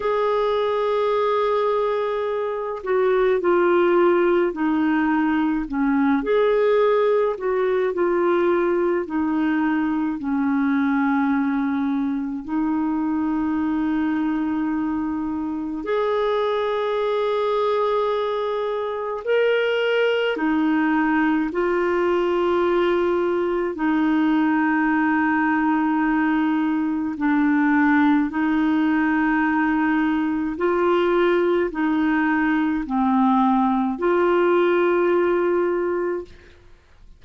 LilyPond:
\new Staff \with { instrumentName = "clarinet" } { \time 4/4 \tempo 4 = 53 gis'2~ gis'8 fis'8 f'4 | dis'4 cis'8 gis'4 fis'8 f'4 | dis'4 cis'2 dis'4~ | dis'2 gis'2~ |
gis'4 ais'4 dis'4 f'4~ | f'4 dis'2. | d'4 dis'2 f'4 | dis'4 c'4 f'2 | }